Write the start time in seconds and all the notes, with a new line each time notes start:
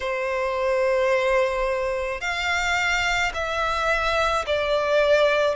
0.00 C5
2.20 F5
3.33 E5
4.46 D5